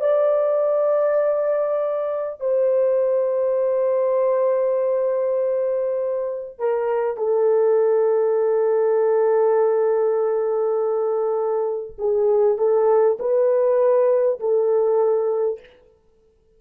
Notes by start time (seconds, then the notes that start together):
0.00 D5
2.40 C5
6.58 A#4
7.17 A4
11.98 G#4
12.58 A4
13.19 B4
14.40 A4